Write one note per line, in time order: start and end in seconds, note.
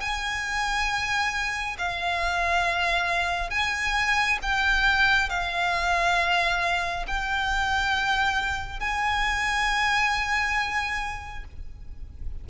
0.00 1.76 G#5
1.78 3.50 F5
3.50 4.38 G#5
4.42 5.29 G5
5.29 7.05 F5
7.07 8.80 G5
8.80 11.44 G#5